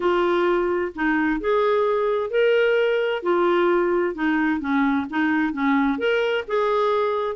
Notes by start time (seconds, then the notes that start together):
0.00 F4
0.95 D#4
1.40 G#4
2.30 A#4
3.22 F4
4.14 D#4
4.60 C#4
5.09 D#4
5.53 C#4
5.98 A#4
6.47 G#4